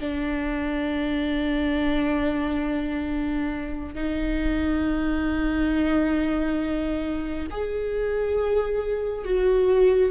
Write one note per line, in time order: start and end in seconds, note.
0.00 3.95 D4
3.95 7.48 D#4
7.51 9.25 G#4
9.25 10.11 F#4